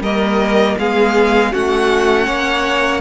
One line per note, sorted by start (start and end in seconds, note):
0.00 0.75 G3
0.00 0.79 A#3
0.00 0.77 A#4
0.00 0.77 D#5
0.78 1.53 G#3
0.78 1.52 B3
0.78 1.52 G#4
0.78 1.53 F5
1.52 2.27 A3
1.52 3.00 C#4
1.52 2.26 F#4
1.52 3.00 F#5
2.26 3.00 A#3
2.26 3.00 C#5